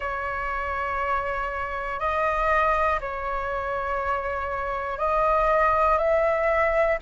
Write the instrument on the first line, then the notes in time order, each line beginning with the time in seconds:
flute
0.00 C#5
2.00 D#5
3.00 C#5
4.98 D#5
5.98 E5